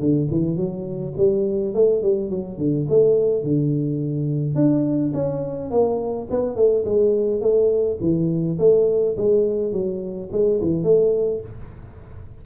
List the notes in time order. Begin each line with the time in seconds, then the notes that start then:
0.00 D3
0.31 E3
0.57 F#3
1.17 G3
1.74 A3
2.02 G3
2.30 F#3
2.58 D3
2.89 A3
3.43 D3
4.55 D4
5.14 C#4
5.71 A#3
6.30 B3
6.56 A3
6.85 G#3
7.41 A3
8.01 E3
8.59 A3
9.17 G#3
9.72 F#3
10.32 G#3
10.61 E3
10.84 A3